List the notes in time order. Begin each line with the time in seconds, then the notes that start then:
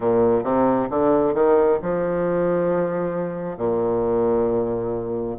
0.00 A#2
0.43 C3
0.90 D3
1.34 D#3
1.82 F3
3.57 A#2